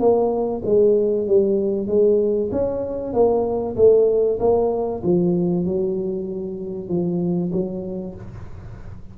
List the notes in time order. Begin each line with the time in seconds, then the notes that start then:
0.00 A#3
0.65 G#3
1.27 G3
1.88 G#3
2.52 C#4
3.14 A#3
3.76 A3
4.40 A#3
5.03 F3
5.66 F#3
6.89 F3
7.52 F#3